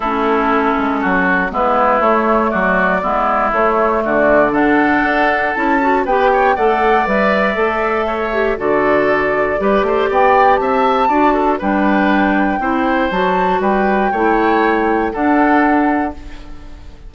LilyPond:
<<
  \new Staff \with { instrumentName = "flute" } { \time 4/4 \tempo 4 = 119 a'2. b'4 | cis''4 d''2 cis''4 | d''4 fis''2 a''4 | g''4 fis''4 e''2~ |
e''4 d''2. | g''4 a''2 g''4~ | g''2 a''4 g''4~ | g''2 fis''2 | }
  \new Staff \with { instrumentName = "oboe" } { \time 4/4 e'2 fis'4 e'4~ | e'4 fis'4 e'2 | fis'4 a'2. | b'8 cis''8 d''2. |
cis''4 a'2 b'8 c''8 | d''4 e''4 d''8 a'8 b'4~ | b'4 c''2 b'4 | cis''2 a'2 | }
  \new Staff \with { instrumentName = "clarinet" } { \time 4/4 cis'2. b4 | a2 b4 a4~ | a4 d'2 e'8 fis'8 | g'4 a'4 b'4 a'4~ |
a'8 g'8 fis'2 g'4~ | g'2 fis'4 d'4~ | d'4 e'4 fis'2 | e'2 d'2 | }
  \new Staff \with { instrumentName = "bassoon" } { \time 4/4 a4. gis8 fis4 gis4 | a4 fis4 gis4 a4 | d2 d'4 cis'4 | b4 a4 g4 a4~ |
a4 d2 g8 a8 | b4 c'4 d'4 g4~ | g4 c'4 fis4 g4 | a2 d'2 | }
>>